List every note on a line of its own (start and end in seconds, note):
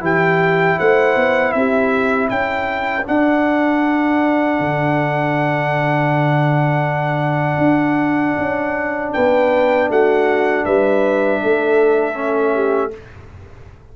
0.00 0.76 E3
0.00 3.04 E4
0.00 0.78 G4
0.00 0.79 G5
0.79 1.16 A3
0.79 1.55 C5
0.79 1.53 F#5
1.16 1.54 B3
1.53 2.31 C4
1.53 2.31 G4
1.53 2.28 E5
2.29 3.07 C#4
2.29 9.14 A4
2.29 3.05 G5
3.06 12.15 D4
3.06 4.59 D4
3.06 9.13 F#5
4.59 7.58 D3
7.58 8.34 D4
8.38 9.14 C#4
9.13 9.90 B3
9.13 9.90 B4
9.13 9.89 G5
9.90 10.66 A3
9.90 10.65 F#4
9.90 10.65 F#5
10.65 11.42 G3
10.65 11.41 B4
10.65 12.93 E5
11.43 12.96 A3
11.43 12.55 A4
12.15 12.91 C#4
12.55 12.93 G4